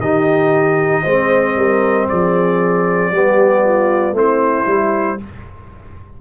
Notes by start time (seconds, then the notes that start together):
0.00 D#3 D#4 G4 D#5
1.03 G#3 C4 C5
1.56 G3 A#4
2.09 F3 G#4 D5
3.12 G3 B3 G4
3.65 F4
4.12 A3 C4 E4 C5
4.66 G3 E4